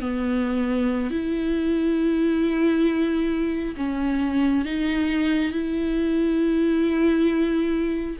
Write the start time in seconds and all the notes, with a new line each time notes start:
0.00 B3
1.10 E4
3.77 C#4
4.65 D#4
5.51 E4